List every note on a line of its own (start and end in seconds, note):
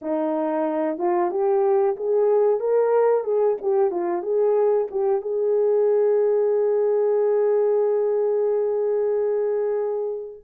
0.01 0.98 D#4
0.98 1.30 F4
1.30 1.96 G4
1.96 2.60 G#4
2.60 3.24 A#4
3.24 3.56 G#4
3.61 3.90 G4
3.90 4.22 F4
4.22 4.87 G#4
4.90 5.21 G4
5.21 10.43 G#4